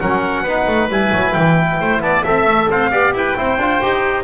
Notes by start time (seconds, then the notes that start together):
0.00 F#3 C#4 A#4 F#5
0.42 B3 D#4 B4
0.67 A3
0.89 G3 E4 G#5
1.13 F#3
1.33 E3 G5
1.80 A3 C5
2.00 B3 D5 A5
2.23 C4 A4 E5
2.45 A3
2.70 C4 C5 F5
2.90 B3 G4 D5
3.13 E4 B4 G5
3.35 C4 E4 C5
3.57 D4 F4
3.82 D#4 G4